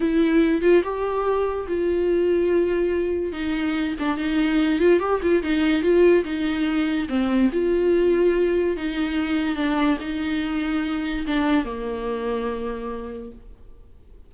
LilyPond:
\new Staff \with { instrumentName = "viola" } { \time 4/4 \tempo 4 = 144 e'4. f'8 g'2 | f'1 | dis'4. d'8 dis'4. f'8 | g'8 f'8 dis'4 f'4 dis'4~ |
dis'4 c'4 f'2~ | f'4 dis'2 d'4 | dis'2. d'4 | ais1 | }